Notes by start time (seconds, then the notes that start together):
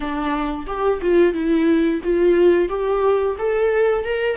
0.00 D4
0.66 G4
1.01 F4
1.33 E4
2.03 F4
2.68 G4
3.38 A4
4.04 A#4